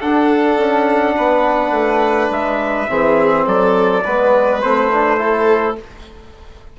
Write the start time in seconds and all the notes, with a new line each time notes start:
0.00 D4 A4 F#5
0.58 C#4
1.17 B3 B4
1.71 A3
2.30 G#3 E5
2.89 E3 C4 G#4
3.46 F#3 A4 D5
4.04 G#3 B3 B4
4.62 A3 C4 C5
4.92 D4
5.18 E4 A4